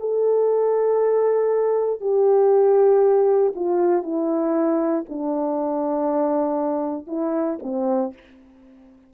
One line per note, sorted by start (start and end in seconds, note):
0.00 2.01 A4
2.01 3.53 G4
3.55 4.03 F4
4.03 5.04 E4
5.09 7.07 D4
7.07 7.58 E4
7.63 8.14 C4